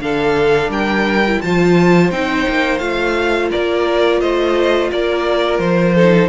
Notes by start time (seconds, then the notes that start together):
0.00 D3 D4 A4 F5
0.69 G3 A#4 G5
1.27 E4
1.41 F3 F4 C5 A5
2.11 C4 D#4 G5
2.49 A#3
2.79 A3 F4 F5
3.51 A#3 A#4 D5
4.21 A3 C5 D#5
4.92 A#3 A#4 D5
5.59 F3 C5
5.95 D#4 A4